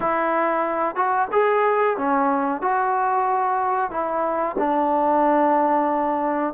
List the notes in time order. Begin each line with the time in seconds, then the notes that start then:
0.00 E4
0.95 F#4
1.32 G#4
1.97 C#4
2.61 F#4
3.90 E4
4.58 D4